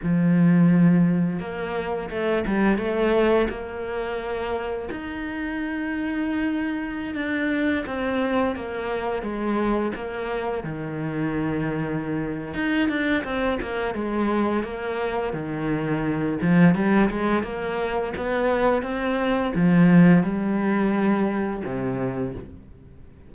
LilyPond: \new Staff \with { instrumentName = "cello" } { \time 4/4 \tempo 4 = 86 f2 ais4 a8 g8 | a4 ais2 dis'4~ | dis'2~ dis'16 d'4 c'8.~ | c'16 ais4 gis4 ais4 dis8.~ |
dis2 dis'8 d'8 c'8 ais8 | gis4 ais4 dis4. f8 | g8 gis8 ais4 b4 c'4 | f4 g2 c4 | }